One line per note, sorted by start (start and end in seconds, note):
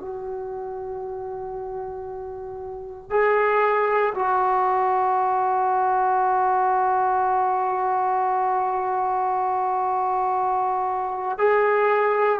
0.00 3.10 F#4
3.10 4.14 G#4
4.15 11.38 F#4
11.38 12.40 G#4